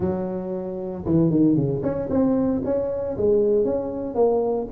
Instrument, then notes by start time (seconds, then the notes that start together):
tuba
0.00 F#3
1.05 E3
1.30 D#3
1.55 C#3
1.82 C#4
2.09 C4
2.64 C#4
3.17 G#3
3.65 C#4
4.15 A#3